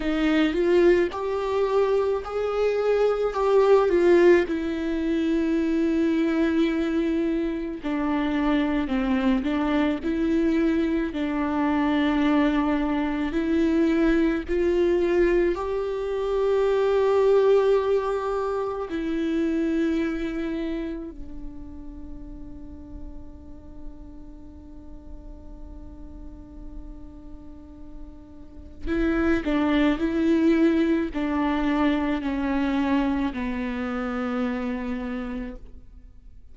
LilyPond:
\new Staff \with { instrumentName = "viola" } { \time 4/4 \tempo 4 = 54 dis'8 f'8 g'4 gis'4 g'8 f'8 | e'2. d'4 | c'8 d'8 e'4 d'2 | e'4 f'4 g'2~ |
g'4 e'2 d'4~ | d'1~ | d'2 e'8 d'8 e'4 | d'4 cis'4 b2 | }